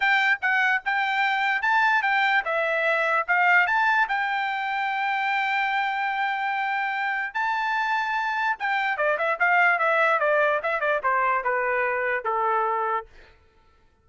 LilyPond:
\new Staff \with { instrumentName = "trumpet" } { \time 4/4 \tempo 4 = 147 g''4 fis''4 g''2 | a''4 g''4 e''2 | f''4 a''4 g''2~ | g''1~ |
g''2 a''2~ | a''4 g''4 d''8 e''8 f''4 | e''4 d''4 e''8 d''8 c''4 | b'2 a'2 | }